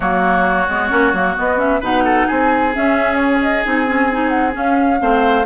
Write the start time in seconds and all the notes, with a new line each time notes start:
0.00 F#3 A#3 F#4 C#5
0.68 G#3 B3
0.89 A#3 C#4
1.12 F#3 A#3
1.35 B3 D#5
1.57 C#4 E5
1.80 B2 D#4 B4 F#5
2.04 A4
2.26 C4 G#4 G#5
2.73 C#4 E5
3.15 C#5
3.41 D#5
3.64 C4 D#4 G#5
3.86 C#4
4.12 D#4
4.29 F#5
4.51 C#4 F5
4.99 A3 C4 C5